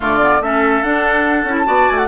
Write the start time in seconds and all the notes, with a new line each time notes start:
0.00 D3 A3 F4 D5
0.21 B3
0.40 A3 C#4 A4 E5
0.82 D4 F#5
1.44 C#4 E4
1.58 A5
1.65 B3 F#4 D5
1.89 A3 G#5
1.97 F#5